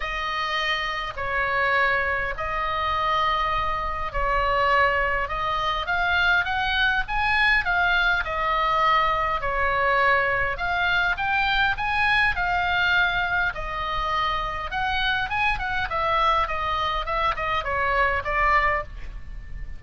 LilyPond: \new Staff \with { instrumentName = "oboe" } { \time 4/4 \tempo 4 = 102 dis''2 cis''2 | dis''2. cis''4~ | cis''4 dis''4 f''4 fis''4 | gis''4 f''4 dis''2 |
cis''2 f''4 g''4 | gis''4 f''2 dis''4~ | dis''4 fis''4 gis''8 fis''8 e''4 | dis''4 e''8 dis''8 cis''4 d''4 | }